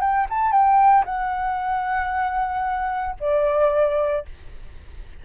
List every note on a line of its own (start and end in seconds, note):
0.00 0.26 G5
0.29 0.51 A5
0.51 1.04 G5
1.05 3.15 F#5
3.20 4.25 D5